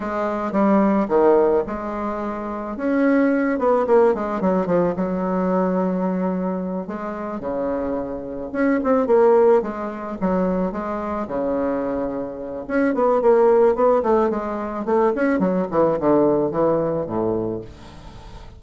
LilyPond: \new Staff \with { instrumentName = "bassoon" } { \time 4/4 \tempo 4 = 109 gis4 g4 dis4 gis4~ | gis4 cis'4. b8 ais8 gis8 | fis8 f8 fis2.~ | fis8 gis4 cis2 cis'8 |
c'8 ais4 gis4 fis4 gis8~ | gis8 cis2~ cis8 cis'8 b8 | ais4 b8 a8 gis4 a8 cis'8 | fis8 e8 d4 e4 a,4 | }